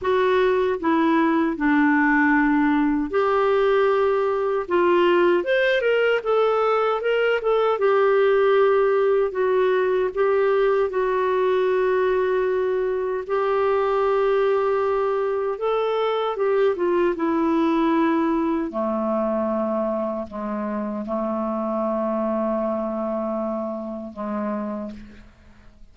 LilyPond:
\new Staff \with { instrumentName = "clarinet" } { \time 4/4 \tempo 4 = 77 fis'4 e'4 d'2 | g'2 f'4 c''8 ais'8 | a'4 ais'8 a'8 g'2 | fis'4 g'4 fis'2~ |
fis'4 g'2. | a'4 g'8 f'8 e'2 | a2 gis4 a4~ | a2. gis4 | }